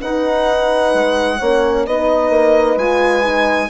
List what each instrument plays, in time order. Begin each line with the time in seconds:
0.00 horn D#4 B4, bassoon D#4, violin F#5
0.93 bassoon G#3
1.38 bassoon A#3, horn C#4 C#5
1.86 bassoon B3, horn D#4 B4, violin D#5
2.29 bassoon A#3
2.76 bassoon G#3, horn F4, violin G#5
3.22 horn D#4